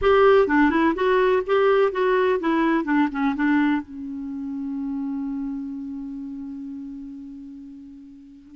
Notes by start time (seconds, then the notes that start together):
0.01 G4
0.47 D4
0.70 E4
0.95 F#4
1.46 G4
1.92 F#4
2.39 E4
2.84 D4
3.11 C#4
3.35 D4
3.82 C#4